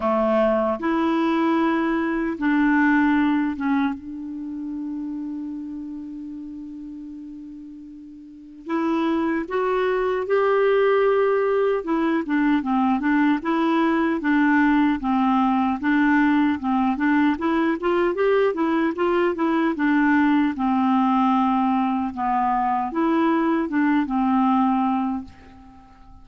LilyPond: \new Staff \with { instrumentName = "clarinet" } { \time 4/4 \tempo 4 = 76 a4 e'2 d'4~ | d'8 cis'8 d'2.~ | d'2. e'4 | fis'4 g'2 e'8 d'8 |
c'8 d'8 e'4 d'4 c'4 | d'4 c'8 d'8 e'8 f'8 g'8 e'8 | f'8 e'8 d'4 c'2 | b4 e'4 d'8 c'4. | }